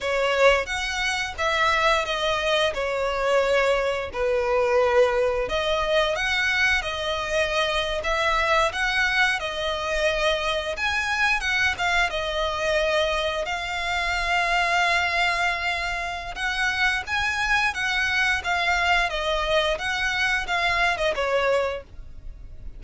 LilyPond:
\new Staff \with { instrumentName = "violin" } { \time 4/4 \tempo 4 = 88 cis''4 fis''4 e''4 dis''4 | cis''2 b'2 | dis''4 fis''4 dis''4.~ dis''16 e''16~ | e''8. fis''4 dis''2 gis''16~ |
gis''8. fis''8 f''8 dis''2 f''16~ | f''1 | fis''4 gis''4 fis''4 f''4 | dis''4 fis''4 f''8. dis''16 cis''4 | }